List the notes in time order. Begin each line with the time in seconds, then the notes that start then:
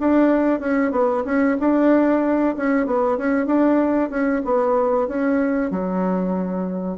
0.00 D4
0.60 C#4
0.92 B3
1.25 C#4
1.60 D4
2.56 C#4
2.86 B3
3.17 C#4
3.46 D4
4.10 C#4
4.45 B3
5.08 C#4
5.71 F#3